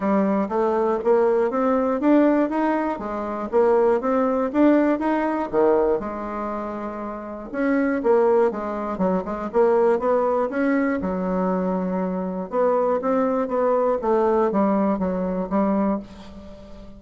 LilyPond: \new Staff \with { instrumentName = "bassoon" } { \time 4/4 \tempo 4 = 120 g4 a4 ais4 c'4 | d'4 dis'4 gis4 ais4 | c'4 d'4 dis'4 dis4 | gis2. cis'4 |
ais4 gis4 fis8 gis8 ais4 | b4 cis'4 fis2~ | fis4 b4 c'4 b4 | a4 g4 fis4 g4 | }